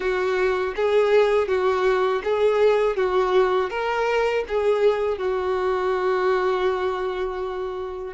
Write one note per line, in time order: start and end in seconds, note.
0.00 0.74 F#4
0.75 1.48 G#4
1.48 2.22 F#4
2.24 2.96 G#4
2.96 3.70 F#4
3.70 4.44 A#4
4.48 5.18 G#4
5.18 8.13 F#4